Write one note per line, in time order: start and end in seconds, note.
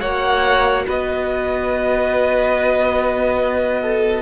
0.00 0.86 A#3
0.00 4.21 F#4
0.00 0.85 C#5
0.00 0.85 F#5
0.87 4.21 B3
0.87 3.81 B4
0.87 4.21 D#5
3.81 4.21 A4